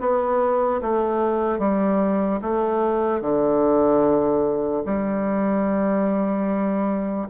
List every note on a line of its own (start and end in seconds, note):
0.00 0.81 B3
0.82 1.59 A3
1.59 2.40 G3
2.42 3.21 A3
3.21 4.84 D3
4.86 7.29 G3